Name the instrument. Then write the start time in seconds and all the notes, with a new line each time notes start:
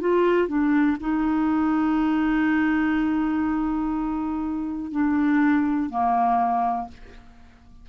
clarinet
0.00 F4
0.47 D4
1.00 D#4
4.91 D4
5.89 A#3